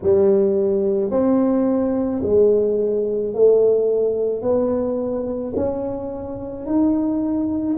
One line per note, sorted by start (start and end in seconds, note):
0.02 1.11 G3
1.11 2.22 C4
2.23 3.33 G#3
3.33 4.41 A3
4.41 5.53 B3
5.56 6.66 C#4
6.66 7.77 D#4